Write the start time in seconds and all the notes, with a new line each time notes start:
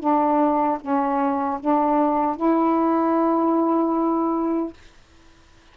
0.00 D4
0.81 C#4
1.60 D4
2.36 E4